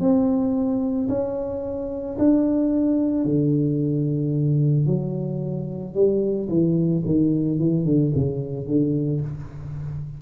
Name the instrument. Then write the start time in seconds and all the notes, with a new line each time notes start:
tuba
0.00 C4
1.09 C#4
2.18 D4
3.25 D3
4.86 F#3
5.94 G3
6.49 E3
7.05 D#3
7.59 E3
7.85 D3
8.15 C#3
8.67 D3